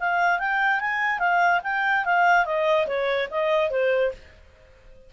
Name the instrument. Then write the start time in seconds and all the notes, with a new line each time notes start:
clarinet
0.00 F5
0.39 G5
0.80 G#5
1.19 F5
1.64 G5
2.05 F5
2.46 D#5
2.87 C#5
3.31 D#5
3.70 C5